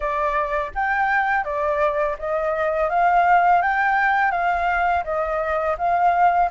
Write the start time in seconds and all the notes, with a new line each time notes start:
0.00 D5
0.74 G5
1.44 D5
2.19 D#5
2.89 F5
3.62 G5
4.31 F5
5.04 D#5
5.77 F5